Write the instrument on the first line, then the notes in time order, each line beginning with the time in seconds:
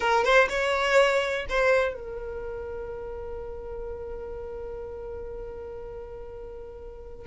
violin
0.00 A#4
0.24 C5
0.49 C#5
1.49 C5
1.94 A#4